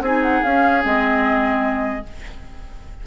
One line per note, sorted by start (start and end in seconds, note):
0.00 0.41 C4
0.00 0.44 D#4
0.00 2.05 G#4
0.00 0.23 G#5
0.23 0.43 F#5
0.43 0.81 C#4
0.43 0.84 C#4
0.43 0.84 F5
0.81 2.06 G#3
0.81 2.03 C4
0.81 2.06 D#5